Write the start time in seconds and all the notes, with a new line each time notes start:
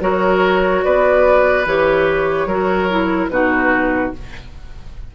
0.00 F#3 F#4 A#4 C#5
0.83 B3 B4 D5
1.65 E3 G4 C#5
2.45 F#3 F#4 A#4
2.89 E4
3.29 B2 D#4 F#4 B4